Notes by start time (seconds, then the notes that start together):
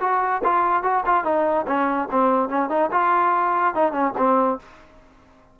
0.00 F#4
0.44 F4
0.83 F#4
1.06 F4
1.24 D#4
1.67 C#4
2.11 C4
2.49 C#4
2.69 D#4
2.91 F4
3.75 D#4
3.92 C#4
4.17 C4